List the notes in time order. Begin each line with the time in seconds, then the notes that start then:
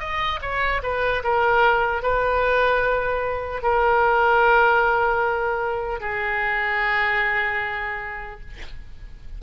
0.00 D#5
0.42 C#5
0.83 B4
1.24 A#4
2.03 B4
3.63 A#4
6.01 G#4